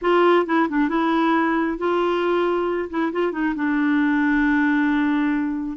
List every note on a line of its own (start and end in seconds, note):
0.01 0.46 F4
0.46 0.68 E4
0.69 0.88 D4
0.88 1.77 E4
1.78 2.89 F4
2.89 3.12 E4
3.12 3.32 F4
3.32 3.54 D#4
3.55 5.77 D4